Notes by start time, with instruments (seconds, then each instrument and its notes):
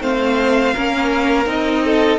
0.00 cello A3, viola C4, violin C5 F5
0.73 cello A#3, viola C#4, violin A#4
1.45 cello C4, viola D#4, violin D#5
1.84 violin A4